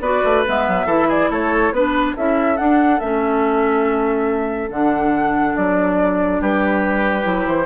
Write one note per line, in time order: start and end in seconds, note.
0.00 0.21 B3
0.00 0.45 F#4
0.00 0.86 B4
0.00 0.43 D5
0.24 0.45 A3
0.45 0.67 G#3
0.45 0.88 B3
0.45 1.10 E5
0.67 0.85 F#3
0.85 1.27 E3
0.85 1.73 E4
0.85 1.07 A4
1.08 1.29 G#4
1.08 1.31 D5
1.30 1.71 A3
1.30 1.73 A4
1.30 1.73 C#5
1.71 2.14 B3
1.71 2.16 D4
1.71 2.15 B4
2.15 2.58 C#4
2.15 2.56 E4
2.15 6.40 A4
2.15 2.57 E5
2.56 2.99 D4
2.56 3.00 D4
2.56 2.99 F#5
2.99 4.70 A3
2.99 4.69 C#4
2.99 4.70 E5
4.69 5.55 D3
4.69 7.23 D4
4.69 5.55 F#5
5.55 6.40 F#3
5.55 6.41 D5
6.40 7.25 G3
6.40 7.66 G4
6.40 7.47 B4
7.23 7.46 F#3
7.23 7.65 E4
7.46 7.66 E3
7.46 7.66 C5